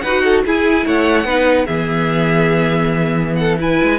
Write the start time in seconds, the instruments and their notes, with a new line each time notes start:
0.00 cello D#4, violin B4 F#5
0.07 viola F#4
0.23 violin A4
0.45 viola E4, cello E4, violin G#4 G#5
0.85 cello A3, violin C#5 F#5
1.24 cello B3, viola D#4, violin B4
1.65 cello E3, viola B3, violin G#4 E5
3.35 violin A4 F#5
3.58 viola E4, violin B4 G#5
3.82 cello G#3